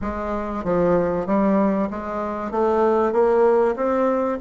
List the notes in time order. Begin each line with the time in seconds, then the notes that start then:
0.01 G#3
0.63 F3
1.26 G3
1.90 G#3
2.51 A3
3.12 A#3
3.76 C4